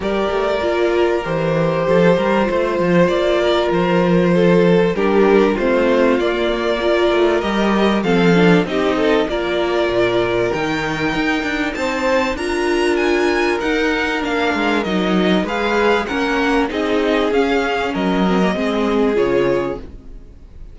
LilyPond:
<<
  \new Staff \with { instrumentName = "violin" } { \time 4/4 \tempo 4 = 97 d''2 c''2~ | c''4 d''4 c''2 | ais'4 c''4 d''2 | dis''4 f''4 dis''4 d''4~ |
d''4 g''2 a''4 | ais''4 gis''4 fis''4 f''4 | dis''4 f''4 fis''4 dis''4 | f''4 dis''2 cis''4 | }
  \new Staff \with { instrumentName = "violin" } { \time 4/4 ais'2. a'8 ais'8 | c''4. ais'4. a'4 | g'4 f'2 ais'4~ | ais'4 a'4 g'8 a'8 ais'4~ |
ais'2. c''4 | ais'1~ | ais'4 b'4 ais'4 gis'4~ | gis'4 ais'4 gis'2 | }
  \new Staff \with { instrumentName = "viola" } { \time 4/4 g'4 f'4 g'2 | f'1 | d'4 c'4 ais4 f'4 | g'4 c'8 d'8 dis'4 f'4~ |
f'4 dis'2. | f'2 dis'4 d'4 | dis'4 gis'4 cis'4 dis'4 | cis'4. c'16 ais16 c'4 f'4 | }
  \new Staff \with { instrumentName = "cello" } { \time 4/4 g8 a8 ais4 e4 f8 g8 | a8 f8 ais4 f2 | g4 a4 ais4. a8 | g4 f4 c'4 ais4 |
ais,4 dis4 dis'8 d'8 c'4 | d'2 dis'4 ais8 gis8 | fis4 gis4 ais4 c'4 | cis'4 fis4 gis4 cis4 | }
>>